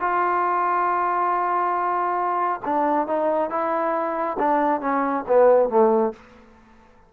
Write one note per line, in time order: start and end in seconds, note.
0.00 2.61 F4
2.65 3.07 D4
3.07 3.50 D#4
3.50 4.37 E4
4.39 4.81 D4
4.81 5.24 C#4
5.27 5.69 B3
5.69 6.13 A3